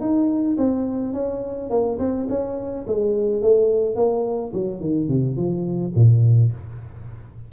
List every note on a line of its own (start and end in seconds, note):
0.00 0.57 D#4
0.57 1.13 C4
1.13 1.70 C#4
1.70 1.98 A#3
1.99 2.27 C4
2.29 2.86 C#4
2.87 3.42 G#3
3.42 3.95 A3
3.95 4.52 A#3
4.53 4.80 F#3
4.80 5.08 D#3
5.08 5.36 C3
5.36 5.93 F3
5.95 6.51 A#2